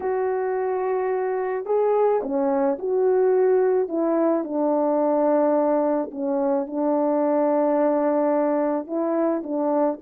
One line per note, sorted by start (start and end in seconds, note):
0.00 1.65 F#4
1.65 2.21 G#4
2.22 2.78 C#4
2.78 3.88 F#4
3.88 4.43 E4
4.43 6.10 D4
6.11 6.66 C#4
6.66 8.87 D4
8.87 9.42 E4
9.43 9.98 D4